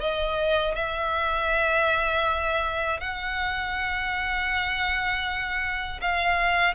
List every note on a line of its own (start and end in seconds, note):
0.00 0.75 D#5
0.75 3.00 E5
3.00 6.00 F#5
6.01 6.74 F5